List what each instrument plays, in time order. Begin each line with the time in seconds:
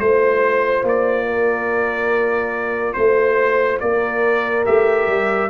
0.00 tuba A3, trombone F4, trumpet C5, horn C5
0.83 tuba A#3, trumpet D5
1.27 horn A#4
2.94 tuba A3, trumpet C5, horn C5
3.80 tuba A#3, horn A#4, trumpet D5
4.65 tuba A3, trombone G4, trumpet E5
5.08 tuba G3